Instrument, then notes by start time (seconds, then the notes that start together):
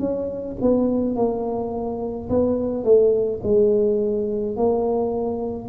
tuba
0.00 C#4
0.62 B3
1.16 A#3
2.30 B3
2.85 A3
3.44 G#3
4.57 A#3